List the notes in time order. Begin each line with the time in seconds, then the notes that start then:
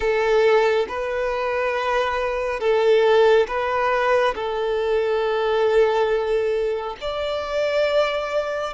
0.00 A4
0.88 B4
2.59 A4
3.47 B4
4.35 A4
7.00 D5